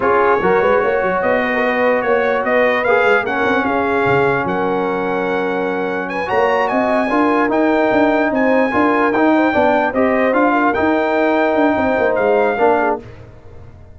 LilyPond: <<
  \new Staff \with { instrumentName = "trumpet" } { \time 4/4 \tempo 4 = 148 cis''2. dis''4~ | dis''4 cis''4 dis''4 f''4 | fis''4 f''2 fis''4~ | fis''2. gis''8 ais''8~ |
ais''8 gis''2 g''4.~ | g''8 gis''2 g''4.~ | g''8 dis''4 f''4 g''4.~ | g''2 f''2 | }
  \new Staff \with { instrumentName = "horn" } { \time 4/4 gis'4 ais'8 b'8 cis''4. b'16 ais'16 | b'4 cis''4 b'2 | ais'4 gis'2 ais'4~ | ais'2. b'8 cis''8~ |
cis''8 dis''4 ais'2~ ais'8~ | ais'8 c''4 ais'4. c''8 d''8~ | d''8 c''4. ais'2~ | ais'4 c''2 ais'8 gis'8 | }
  \new Staff \with { instrumentName = "trombone" } { \time 4/4 f'4 fis'2.~ | fis'2. gis'4 | cis'1~ | cis'2.~ cis'8 fis'8~ |
fis'4. f'4 dis'4.~ | dis'4. f'4 dis'4 d'8~ | d'8 g'4 f'4 dis'4.~ | dis'2. d'4 | }
  \new Staff \with { instrumentName = "tuba" } { \time 4/4 cis'4 fis8 gis8 ais8 fis8 b4~ | b4 ais4 b4 ais8 gis8 | ais8 c'8 cis'4 cis4 fis4~ | fis2.~ fis8 ais8~ |
ais8 c'4 d'4 dis'4 d'8~ | d'8 c'4 d'4 dis'4 b8~ | b8 c'4 d'4 dis'4.~ | dis'8 d'8 c'8 ais8 gis4 ais4 | }
>>